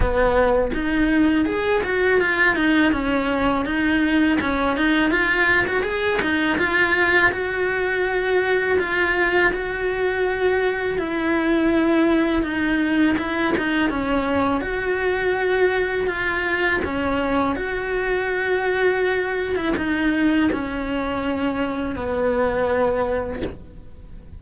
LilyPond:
\new Staff \with { instrumentName = "cello" } { \time 4/4 \tempo 4 = 82 b4 dis'4 gis'8 fis'8 f'8 dis'8 | cis'4 dis'4 cis'8 dis'8 f'8. fis'16 | gis'8 dis'8 f'4 fis'2 | f'4 fis'2 e'4~ |
e'4 dis'4 e'8 dis'8 cis'4 | fis'2 f'4 cis'4 | fis'2~ fis'8. e'16 dis'4 | cis'2 b2 | }